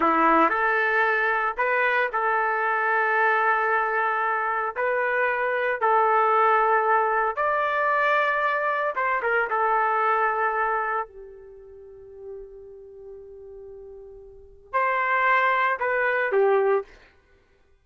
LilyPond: \new Staff \with { instrumentName = "trumpet" } { \time 4/4 \tempo 4 = 114 e'4 a'2 b'4 | a'1~ | a'4 b'2 a'4~ | a'2 d''2~ |
d''4 c''8 ais'8 a'2~ | a'4 g'2.~ | g'1 | c''2 b'4 g'4 | }